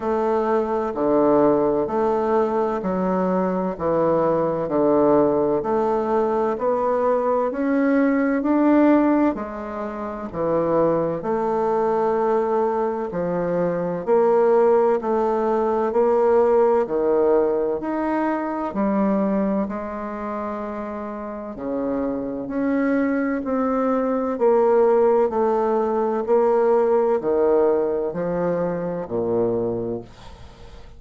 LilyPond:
\new Staff \with { instrumentName = "bassoon" } { \time 4/4 \tempo 4 = 64 a4 d4 a4 fis4 | e4 d4 a4 b4 | cis'4 d'4 gis4 e4 | a2 f4 ais4 |
a4 ais4 dis4 dis'4 | g4 gis2 cis4 | cis'4 c'4 ais4 a4 | ais4 dis4 f4 ais,4 | }